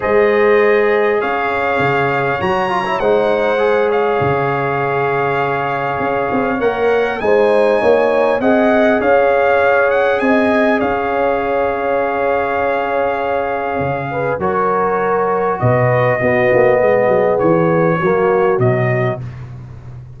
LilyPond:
<<
  \new Staff \with { instrumentName = "trumpet" } { \time 4/4 \tempo 4 = 100 dis''2 f''2 | ais''4 fis''4. f''4.~ | f''2. fis''4 | gis''2 fis''4 f''4~ |
f''8 fis''8 gis''4 f''2~ | f''1 | cis''2 dis''2~ | dis''4 cis''2 dis''4 | }
  \new Staff \with { instrumentName = "horn" } { \time 4/4 c''2 cis''2~ | cis''4 c''4. cis''4.~ | cis''1 | c''4 cis''4 dis''4 cis''4~ |
cis''4 dis''4 cis''2~ | cis''2.~ cis''8 b'8 | ais'2 b'4 fis'4 | gis'2 fis'2 | }
  \new Staff \with { instrumentName = "trombone" } { \time 4/4 gis'1 | fis'8 f'16 e'16 dis'4 gis'2~ | gis'2. ais'4 | dis'2 gis'2~ |
gis'1~ | gis'1 | fis'2. b4~ | b2 ais4 fis4 | }
  \new Staff \with { instrumentName = "tuba" } { \time 4/4 gis2 cis'4 cis4 | fis4 gis2 cis4~ | cis2 cis'8 c'8 ais4 | gis4 ais4 c'4 cis'4~ |
cis'4 c'4 cis'2~ | cis'2. cis4 | fis2 b,4 b8 ais8 | gis8 fis8 e4 fis4 b,4 | }
>>